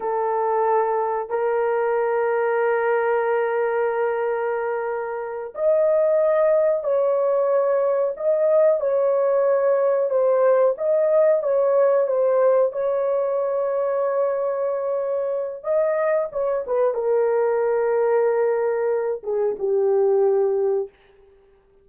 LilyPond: \new Staff \with { instrumentName = "horn" } { \time 4/4 \tempo 4 = 92 a'2 ais'2~ | ais'1~ | ais'8 dis''2 cis''4.~ | cis''8 dis''4 cis''2 c''8~ |
c''8 dis''4 cis''4 c''4 cis''8~ | cis''1 | dis''4 cis''8 b'8 ais'2~ | ais'4. gis'8 g'2 | }